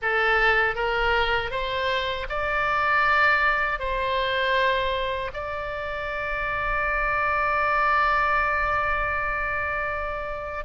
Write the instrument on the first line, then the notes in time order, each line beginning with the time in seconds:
oboe
0.02 A4
0.75 A#4
1.51 C5
2.29 D5
3.79 C5
5.33 D5